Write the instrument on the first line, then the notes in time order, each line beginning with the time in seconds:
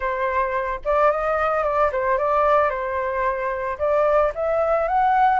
flute
0.00 C5
0.85 D5
1.11 D#5
1.63 D5
1.92 C5
2.17 D5
2.69 C5
3.78 D5
4.35 E5
4.88 F#5